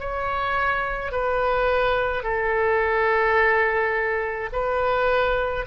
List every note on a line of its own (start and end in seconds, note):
0.00 1.12 C#5
1.12 2.23 B4
2.23 4.50 A4
4.53 5.66 B4